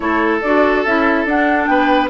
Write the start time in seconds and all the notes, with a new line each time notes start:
0.00 A3 E4 A4 C#5
0.41 D4 F#4 D5
0.85 C#4 E4 E5
1.25 D4 F#5
1.66 B3 B4 G5